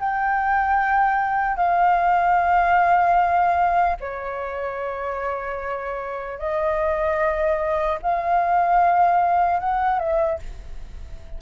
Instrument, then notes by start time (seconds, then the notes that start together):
flute
0.00 G5
1.57 F5
4.01 C#5
6.39 D#5
8.02 F5
9.60 F#5
9.99 E5